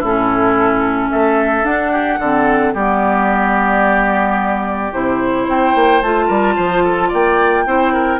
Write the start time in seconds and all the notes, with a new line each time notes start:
0.00 A2 C#4 E4 A4
1.11 A3 A4 E5
1.64 D4 F#5
1.92 G4
2.19 D3 C4 A4
2.74 G3 B3 G4 D5
4.93 C3 E4 C5
5.44 C4 C5 G5
5.75 A#3
6.02 A3 F4 A5
6.27 G3 A#4
6.56 F3 C5
6.85 A4
7.09 A#3 D5 G5
7.66 C4 E4 C5
7.93 A#4